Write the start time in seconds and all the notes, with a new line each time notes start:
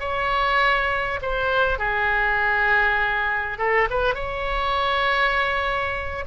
0.00 C#5
1.22 C5
1.79 G#4
3.58 A4
3.90 B4
4.15 C#5